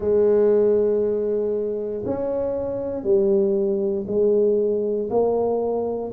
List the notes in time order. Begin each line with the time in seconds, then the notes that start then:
0.00 G#3
2.05 C#4
3.03 G3
4.07 G#3
5.10 A#3